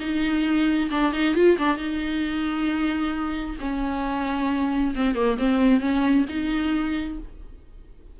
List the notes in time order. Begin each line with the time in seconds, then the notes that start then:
0.00 D#4
0.90 D4
1.13 D#4
1.35 F4
1.58 D4
1.77 D#4
3.60 C#4
4.95 C4
5.15 A#3
5.38 C4
5.80 C#4
6.29 D#4